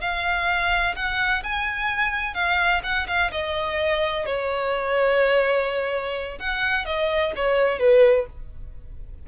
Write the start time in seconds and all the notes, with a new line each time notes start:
0.00 F5
0.95 F#5
1.43 G#5
2.34 F5
2.83 F#5
3.07 F5
3.31 D#5
4.25 C#5
6.38 F#5
6.85 D#5
7.35 C#5
7.78 B4